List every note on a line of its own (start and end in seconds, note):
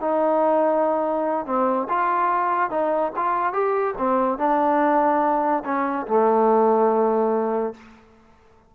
0.00 1.45 D#4
1.45 1.87 C4
1.89 2.70 F4
2.70 3.12 D#4
3.16 3.53 F4
3.53 3.94 G4
3.97 4.38 C4
4.38 5.63 D4
5.64 6.06 C#4
6.07 7.73 A3